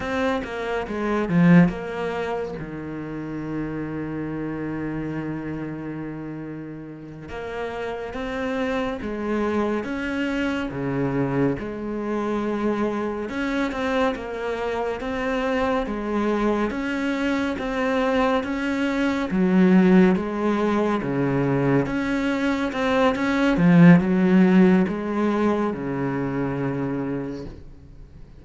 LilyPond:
\new Staff \with { instrumentName = "cello" } { \time 4/4 \tempo 4 = 70 c'8 ais8 gis8 f8 ais4 dis4~ | dis1~ | dis8 ais4 c'4 gis4 cis'8~ | cis'8 cis4 gis2 cis'8 |
c'8 ais4 c'4 gis4 cis'8~ | cis'8 c'4 cis'4 fis4 gis8~ | gis8 cis4 cis'4 c'8 cis'8 f8 | fis4 gis4 cis2 | }